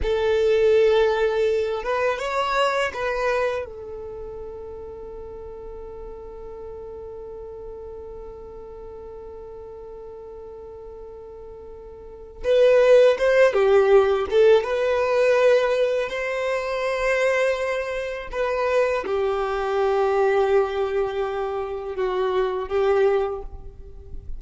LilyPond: \new Staff \with { instrumentName = "violin" } { \time 4/4 \tempo 4 = 82 a'2~ a'8 b'8 cis''4 | b'4 a'2.~ | a'1~ | a'1~ |
a'4 b'4 c''8 g'4 a'8 | b'2 c''2~ | c''4 b'4 g'2~ | g'2 fis'4 g'4 | }